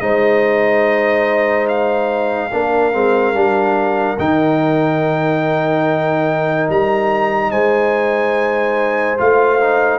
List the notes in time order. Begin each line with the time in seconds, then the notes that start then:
0.00 G#3 D#4 C5 D#5
1.68 F5
2.52 A#3 D4 A#4
2.92 G#3 C4
3.33 G3 D4
4.18 D#3 D#4 G5
6.69 G3 A#5
7.51 G#3 C5 G#5
9.17 A3 F4 F5
9.60 D#4